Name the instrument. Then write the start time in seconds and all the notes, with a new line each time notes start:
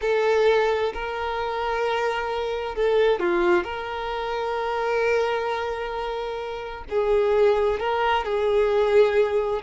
violin
0.01 A4
0.93 A#4
2.75 A4
3.19 F4
3.63 A#4
6.89 G#4
7.79 A#4
8.24 G#4